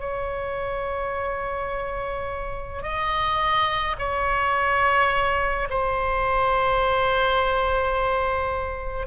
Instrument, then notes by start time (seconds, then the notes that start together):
oboe
0.00 C#5
2.83 D#5
3.99 C#5
5.70 C5